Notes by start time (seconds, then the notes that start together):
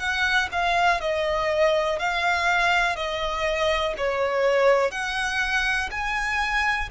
0.00 F#5
0.52 F5
1.01 D#5
1.99 F5
2.96 D#5
3.98 C#5
4.91 F#5
5.92 G#5